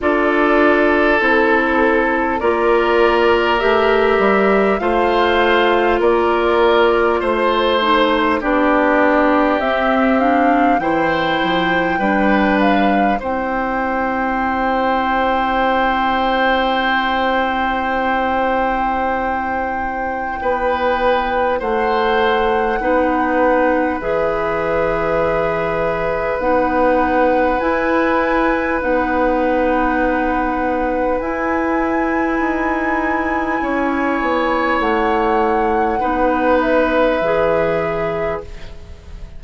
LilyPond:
<<
  \new Staff \with { instrumentName = "flute" } { \time 4/4 \tempo 4 = 50 d''4 a'4 d''4 e''4 | f''4 d''4 c''4 d''4 | e''8 f''8 g''4. f''8 g''4~ | g''1~ |
g''2 fis''2 | e''2 fis''4 gis''4 | fis''2 gis''2~ | gis''4 fis''4. e''4. | }
  \new Staff \with { instrumentName = "oboe" } { \time 4/4 a'2 ais'2 | c''4 ais'4 c''4 g'4~ | g'4 c''4 b'4 c''4~ | c''1~ |
c''4 b'4 c''4 b'4~ | b'1~ | b'1 | cis''2 b'2 | }
  \new Staff \with { instrumentName = "clarinet" } { \time 4/4 f'4 e'4 f'4 g'4 | f'2~ f'8 dis'8 d'4 | c'8 d'8 e'4 d'4 e'4~ | e'1~ |
e'2. dis'4 | gis'2 dis'4 e'4 | dis'2 e'2~ | e'2 dis'4 gis'4 | }
  \new Staff \with { instrumentName = "bassoon" } { \time 4/4 d'4 c'4 ais4 a8 g8 | a4 ais4 a4 b4 | c'4 e8 f8 g4 c'4~ | c'1~ |
c'4 b4 a4 b4 | e2 b4 e'4 | b2 e'4 dis'4 | cis'8 b8 a4 b4 e4 | }
>>